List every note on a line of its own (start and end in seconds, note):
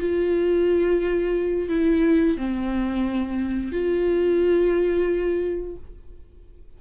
0.00 1.69 F4
1.69 2.37 E4
2.38 3.72 C4
3.72 5.77 F4